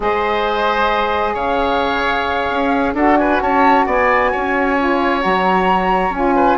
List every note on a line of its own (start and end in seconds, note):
0.00 1.35 G#3
0.00 2.95 G#4
0.00 1.34 C5
0.00 1.36 D#5
1.34 2.48 C#3
1.34 2.93 C#5
1.34 2.95 F5
2.50 2.94 C#4
2.94 3.39 D4
2.94 4.77 F#4
2.94 3.17 A4
2.94 3.17 F#5
3.17 3.42 B4
3.17 3.40 G#5
3.41 3.86 C#4
3.41 3.86 C#5
3.41 3.86 A5
3.86 4.31 B3
3.86 4.31 D5
3.86 5.22 G#5
4.31 5.24 C#4
4.31 6.35 C#5
4.78 5.20 F4
5.20 6.09 F#3
5.20 6.11 F#4
5.20 6.13 A#5
6.09 6.55 C#4
6.09 6.57 F4
6.09 6.57 G#5
6.35 6.57 B4